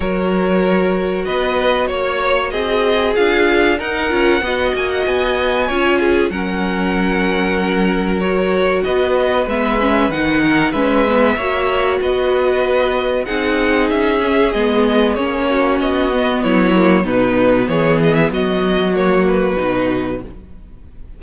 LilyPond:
<<
  \new Staff \with { instrumentName = "violin" } { \time 4/4 \tempo 4 = 95 cis''2 dis''4 cis''4 | dis''4 f''4 fis''4. gis''16 fis''16 | gis''2 fis''2~ | fis''4 cis''4 dis''4 e''4 |
fis''4 e''2 dis''4~ | dis''4 fis''4 e''4 dis''4 | cis''4 dis''4 cis''4 b'4 | cis''8 dis''16 e''16 dis''4 cis''8 b'4. | }
  \new Staff \with { instrumentName = "violin" } { \time 4/4 ais'2 b'4 cis''4 | gis'2 ais'4 dis''4~ | dis''4 cis''8 gis'8 ais'2~ | ais'2 b'2~ |
b'8 ais'8 b'4 cis''4 b'4~ | b'4 gis'2.~ | gis'8 fis'4. e'4 dis'4 | gis'4 fis'2. | }
  \new Staff \with { instrumentName = "viola" } { \time 4/4 fis'1~ | fis'4 f'4 dis'8 f'8 fis'4~ | fis'4 f'4 cis'2~ | cis'4 fis'2 b8 cis'8 |
dis'4 cis'8 b8 fis'2~ | fis'4 dis'4. cis'8 b4 | cis'4. b4 ais8 b4~ | b2 ais4 dis'4 | }
  \new Staff \with { instrumentName = "cello" } { \time 4/4 fis2 b4 ais4 | c'4 d'4 dis'8 cis'8 b8 ais8 | b4 cis'4 fis2~ | fis2 b4 gis4 |
dis4 gis4 ais4 b4~ | b4 c'4 cis'4 gis4 | ais4 b4 fis4 b,4 | e4 fis2 b,4 | }
>>